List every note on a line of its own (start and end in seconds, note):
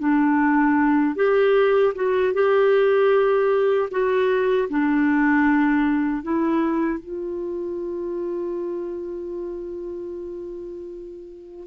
0.00 1.16 D4
1.16 1.94 G4
1.95 2.34 F#4
2.34 3.90 G4
3.91 4.69 F#4
4.70 6.23 D4
6.23 7.00 E4
7.00 11.67 F4